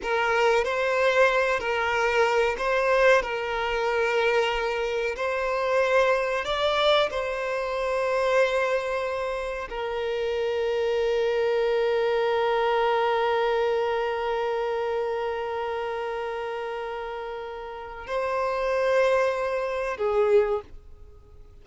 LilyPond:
\new Staff \with { instrumentName = "violin" } { \time 4/4 \tempo 4 = 93 ais'4 c''4. ais'4. | c''4 ais'2. | c''2 d''4 c''4~ | c''2. ais'4~ |
ais'1~ | ais'1~ | ais'1 | c''2. gis'4 | }